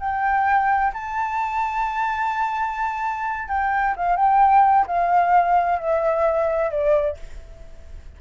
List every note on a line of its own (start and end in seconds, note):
0.00 0.93 G5
0.94 3.48 A5
3.48 3.95 G5
3.96 4.16 F5
4.16 4.86 G5
4.88 5.79 F5
5.79 6.71 E5
6.71 7.18 D5